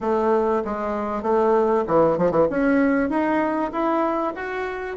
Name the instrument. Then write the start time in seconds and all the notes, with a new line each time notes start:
bassoon
0.01 A3
0.64 G#3
1.22 A3
1.87 E3
2.18 F3
2.31 E3
2.49 C#4
3.09 D#4
3.71 E4
4.35 F#4